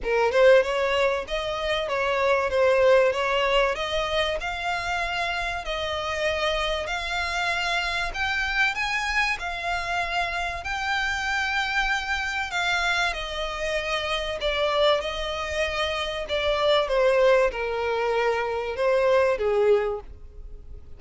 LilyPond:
\new Staff \with { instrumentName = "violin" } { \time 4/4 \tempo 4 = 96 ais'8 c''8 cis''4 dis''4 cis''4 | c''4 cis''4 dis''4 f''4~ | f''4 dis''2 f''4~ | f''4 g''4 gis''4 f''4~ |
f''4 g''2. | f''4 dis''2 d''4 | dis''2 d''4 c''4 | ais'2 c''4 gis'4 | }